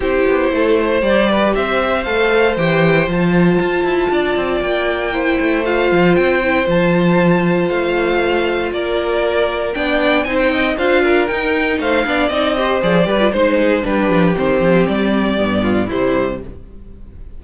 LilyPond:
<<
  \new Staff \with { instrumentName = "violin" } { \time 4/4 \tempo 4 = 117 c''2 d''4 e''4 | f''4 g''4 a''2~ | a''4 g''2 f''4 | g''4 a''2 f''4~ |
f''4 d''2 g''4 | gis''16 g''8. f''4 g''4 f''4 | dis''4 d''4 c''4 b'4 | c''4 d''2 c''4 | }
  \new Staff \with { instrumentName = "violin" } { \time 4/4 g'4 a'8 c''4 b'8 c''4~ | c''1 | d''2 c''2~ | c''1~ |
c''4 ais'2 d''4 | c''8 dis''8 c''8 ais'4. c''8 d''8~ | d''8 c''4 b'8 c''8 gis'8 g'4~ | g'2~ g'8 f'8 e'4 | }
  \new Staff \with { instrumentName = "viola" } { \time 4/4 e'2 g'2 | a'4 g'4 f'2~ | f'2 e'4 f'4~ | f'8 e'8 f'2.~ |
f'2. d'4 | dis'4 f'4 dis'4. d'8 | dis'8 g'8 gis'8 g'16 f'16 dis'4 d'4 | c'2 b4 g4 | }
  \new Staff \with { instrumentName = "cello" } { \time 4/4 c'8 b8 a4 g4 c'4 | a4 e4 f4 f'8 e'8 | d'8 c'8 ais4. a4 f8 | c'4 f2 a4~ |
a4 ais2 b4 | c'4 d'4 dis'4 a8 b8 | c'4 f8 g8 gis4 g8 f8 | dis8 f8 g4 g,4 c4 | }
>>